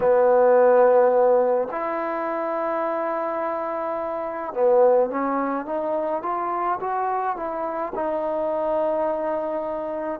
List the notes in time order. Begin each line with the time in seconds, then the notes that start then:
0.00 B3
1.71 E4
4.53 B3
5.09 C#4
5.66 D#4
6.22 F4
6.80 F#4
7.36 E4
7.95 D#4